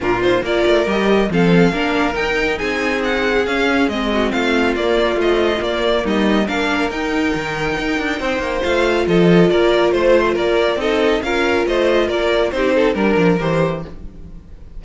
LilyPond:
<<
  \new Staff \with { instrumentName = "violin" } { \time 4/4 \tempo 4 = 139 ais'8 c''8 d''4 dis''4 f''4~ | f''4 g''4 gis''4 fis''4 | f''4 dis''4 f''4 d''4 | dis''4 d''4 dis''4 f''4 |
g''1 | f''4 dis''4 d''4 c''4 | d''4 dis''4 f''4 dis''4 | d''4 c''4 ais'4 c''4 | }
  \new Staff \with { instrumentName = "violin" } { \time 4/4 f'4 ais'2 a'4 | ais'2 gis'2~ | gis'4. fis'8 f'2~ | f'2 dis'4 ais'4~ |
ais'2. c''4~ | c''4 a'4 ais'4 c''4 | ais'4 a'4 ais'4 c''4 | ais'4 g'8 a'8 ais'2 | }
  \new Staff \with { instrumentName = "viola" } { \time 4/4 d'8 dis'8 f'4 g'4 c'4 | d'4 dis'2. | cis'4 c'2 ais4 | f4 ais2 d'4 |
dis'1 | f'1~ | f'4 dis'4 f'2~ | f'4 dis'4 d'4 g'4 | }
  \new Staff \with { instrumentName = "cello" } { \time 4/4 ais,4 ais8 a8 g4 f4 | ais4 dis'4 c'2 | cis'4 gis4 a4 ais4 | a4 ais4 g4 ais4 |
dis'4 dis4 dis'8 d'8 c'8 ais8 | a4 f4 ais4 a4 | ais4 c'4 cis'4 a4 | ais4 c'4 g8 f8 e4 | }
>>